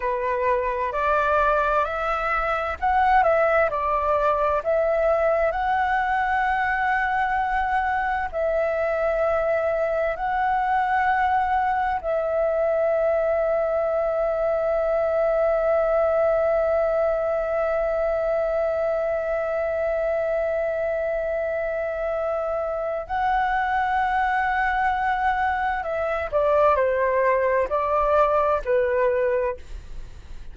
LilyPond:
\new Staff \with { instrumentName = "flute" } { \time 4/4 \tempo 4 = 65 b'4 d''4 e''4 fis''8 e''8 | d''4 e''4 fis''2~ | fis''4 e''2 fis''4~ | fis''4 e''2.~ |
e''1~ | e''1~ | e''4 fis''2. | e''8 d''8 c''4 d''4 b'4 | }